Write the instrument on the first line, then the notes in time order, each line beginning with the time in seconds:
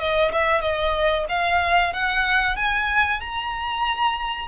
violin
0.00 D#5
0.32 E5
0.62 D#5
1.29 F5
1.94 F#5
2.56 G#5
3.21 A#5